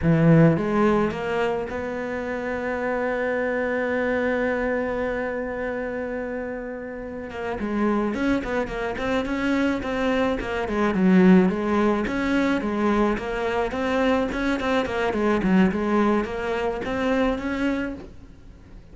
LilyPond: \new Staff \with { instrumentName = "cello" } { \time 4/4 \tempo 4 = 107 e4 gis4 ais4 b4~ | b1~ | b1~ | b4 ais8 gis4 cis'8 b8 ais8 |
c'8 cis'4 c'4 ais8 gis8 fis8~ | fis8 gis4 cis'4 gis4 ais8~ | ais8 c'4 cis'8 c'8 ais8 gis8 fis8 | gis4 ais4 c'4 cis'4 | }